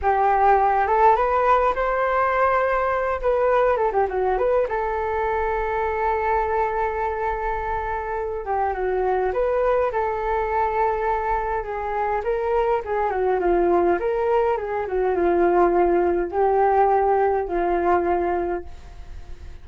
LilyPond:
\new Staff \with { instrumentName = "flute" } { \time 4/4 \tempo 4 = 103 g'4. a'8 b'4 c''4~ | c''4. b'4 a'16 g'16 fis'8 b'8 | a'1~ | a'2~ a'8 g'8 fis'4 |
b'4 a'2. | gis'4 ais'4 gis'8 fis'8 f'4 | ais'4 gis'8 fis'8 f'2 | g'2 f'2 | }